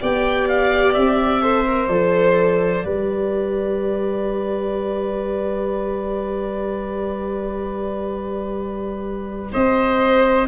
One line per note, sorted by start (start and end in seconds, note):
0.00 0.96 B3
0.00 1.42 G4
0.00 1.42 D5
0.00 0.49 G5
0.49 0.93 F5
0.93 1.88 C4
0.93 1.88 E5
1.42 1.66 A4
1.42 2.85 C5
1.66 1.89 A#4
1.88 2.83 F3
1.88 2.84 A4
1.88 9.50 D5
2.84 9.51 G3
2.84 10.46 G4
2.84 9.51 B4
9.52 10.48 C4
9.52 10.47 C5
9.52 10.48 D#5